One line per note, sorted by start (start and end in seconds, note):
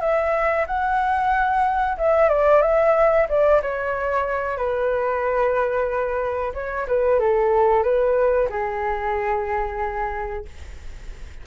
0.00 0.65 E5
0.66 1.97 F#5
1.97 2.29 E5
2.29 2.61 D5
2.61 3.27 E5
3.28 3.61 D5
3.62 4.57 C#5
4.57 6.52 B4
6.54 6.86 C#5
6.87 7.19 B4
7.19 7.83 A4
7.83 8.48 B4
8.49 10.45 G#4